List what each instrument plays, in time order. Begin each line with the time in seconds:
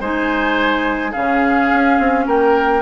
0.00 bassoon G#3, clarinet D#4, oboe C5, flute G#5
1.11 bassoon C#3, clarinet C#4, oboe G#4, flute F5
1.72 bassoon C#4
1.99 bassoon C4
2.26 bassoon A#3, oboe A#4, flute G5